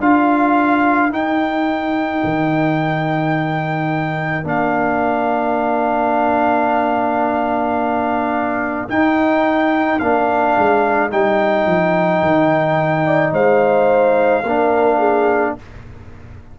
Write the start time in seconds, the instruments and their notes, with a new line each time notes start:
0.00 tuba D4, trombone F4, horn A#4, trumpet F5
1.10 tuba D#4, trombone D#4, trumpet G5
2.24 tuba D#3
4.44 tuba A#3, trombone D4, trumpet F5
8.89 trombone D#4, tuba D#4, trumpet G5
9.99 tuba A#3, trombone D4, trumpet F5
10.57 tuba G#3
11.10 tuba G3, trombone D#4, trumpet G5
11.66 tuba F3
12.22 tuba D#3
13.06 horn D5
13.33 tuba G#3, horn C5, trumpet F5
14.43 tuba A#3, trombone D4, horn A#4
14.99 horn G#4